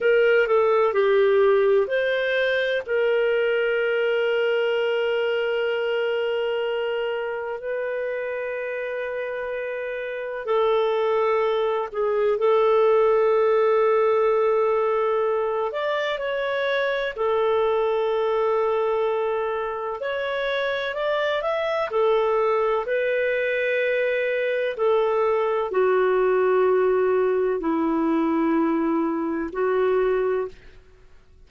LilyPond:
\new Staff \with { instrumentName = "clarinet" } { \time 4/4 \tempo 4 = 63 ais'8 a'8 g'4 c''4 ais'4~ | ais'1 | b'2. a'4~ | a'8 gis'8 a'2.~ |
a'8 d''8 cis''4 a'2~ | a'4 cis''4 d''8 e''8 a'4 | b'2 a'4 fis'4~ | fis'4 e'2 fis'4 | }